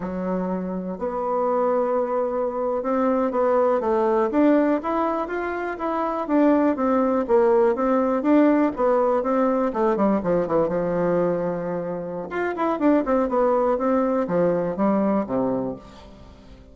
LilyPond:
\new Staff \with { instrumentName = "bassoon" } { \time 4/4 \tempo 4 = 122 fis2 b2~ | b4.~ b16 c'4 b4 a16~ | a8. d'4 e'4 f'4 e'16~ | e'8. d'4 c'4 ais4 c'16~ |
c'8. d'4 b4 c'4 a16~ | a16 g8 f8 e8 f2~ f16~ | f4 f'8 e'8 d'8 c'8 b4 | c'4 f4 g4 c4 | }